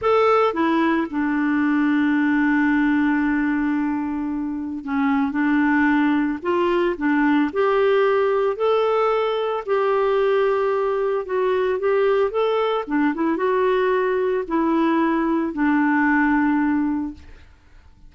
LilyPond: \new Staff \with { instrumentName = "clarinet" } { \time 4/4 \tempo 4 = 112 a'4 e'4 d'2~ | d'1~ | d'4 cis'4 d'2 | f'4 d'4 g'2 |
a'2 g'2~ | g'4 fis'4 g'4 a'4 | d'8 e'8 fis'2 e'4~ | e'4 d'2. | }